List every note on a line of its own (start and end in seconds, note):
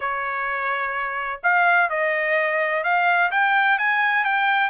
0.00 1.40 C#5
1.43 1.89 F5
1.89 2.83 D#5
2.83 3.30 F5
3.31 3.78 G5
3.78 4.24 G#5
4.24 4.69 G5